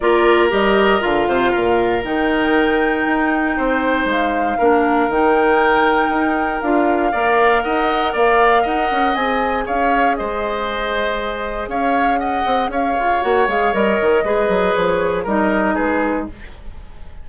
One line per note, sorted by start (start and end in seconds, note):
0.00 0.51 A#3
0.00 0.50 F4
0.00 1.28 A#4
0.00 0.48 D5
0.50 1.02 G3
0.50 1.00 G4
0.50 1.02 D#5
1.00 1.28 D3
1.00 2.02 F4
1.00 2.04 F5
1.28 1.53 C3
1.28 1.51 C5
1.51 2.04 A#2
1.51 3.54 A#4
2.04 3.06 D#3
2.04 4.58 D#4
2.04 4.08 G5
3.06 3.57 D#4
3.57 4.05 C4
3.57 4.57 C5
4.05 4.56 G#3
4.05 5.11 F5
4.57 5.08 A#3
4.57 5.10 D4
4.57 7.11 A#4
5.08 6.08 D#3
5.08 6.62 D#4
5.08 6.61 G5
6.08 6.59 D#4
6.61 7.13 D4
6.61 7.12 F4
6.61 7.62 F5
7.11 7.64 A#3
7.11 9.15 A#4
7.11 7.62 D5
7.62 8.14 D#4
7.62 8.12 D#5
7.62 8.13 F#5
8.12 8.65 A#3
8.12 8.62 D5
8.12 8.66 F5
8.62 8.91 D#4
8.62 9.64 D#5
8.62 9.14 F#5
8.91 9.15 C#4
9.14 9.66 C4
9.14 13.21 G#4
9.14 9.65 G#5
9.65 10.19 C#4
9.65 10.16 C#5
9.65 10.15 F5
10.15 11.67 G#3
10.15 11.69 C5
10.15 11.68 D#5
11.67 12.43 C#4
11.67 12.19 C#5
11.67 12.19 F5
12.19 12.70 D#5
12.19 12.69 F#5
12.45 12.68 C4
12.68 12.93 C#4
12.68 14.23 C#5
12.68 13.22 F5
12.99 13.23 F4
13.21 13.47 A#3
13.21 13.47 F#4
13.21 13.48 F#5
13.47 13.73 G#3
13.47 13.73 G#4
13.47 13.73 F5
13.73 13.99 G3
13.73 14.24 A#4
13.73 14.74 D#5
14.00 14.23 D#3
14.23 14.48 G#3
14.23 15.26 G#4
14.23 15.23 B4
14.48 14.74 F#3
14.74 15.25 F3
14.74 15.25 C#5
15.23 15.76 G3
15.23 16.28 D#4
15.23 15.74 A#4
15.23 15.75 D#5
15.74 16.29 G#3
15.74 16.25 G#4
15.74 16.26 B4